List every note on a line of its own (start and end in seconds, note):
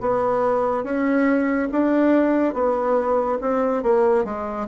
0.00 0.83 B3
0.83 1.68 C#4
1.71 2.53 D4
2.53 3.38 B3
3.40 3.83 C4
3.83 4.24 A#3
4.24 4.66 G#3